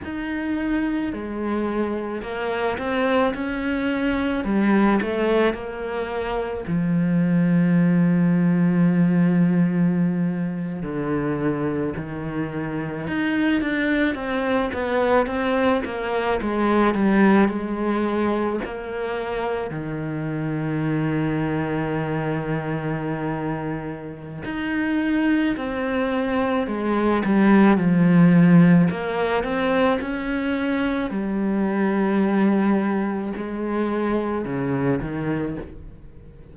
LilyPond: \new Staff \with { instrumentName = "cello" } { \time 4/4 \tempo 4 = 54 dis'4 gis4 ais8 c'8 cis'4 | g8 a8 ais4 f2~ | f4.~ f16 d4 dis4 dis'16~ | dis'16 d'8 c'8 b8 c'8 ais8 gis8 g8 gis16~ |
gis8. ais4 dis2~ dis16~ | dis2 dis'4 c'4 | gis8 g8 f4 ais8 c'8 cis'4 | g2 gis4 cis8 dis8 | }